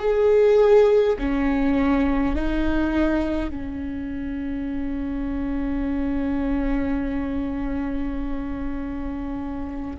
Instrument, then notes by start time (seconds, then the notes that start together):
viola
0.00 G#4
1.19 C#4
2.36 D#4
3.50 C#4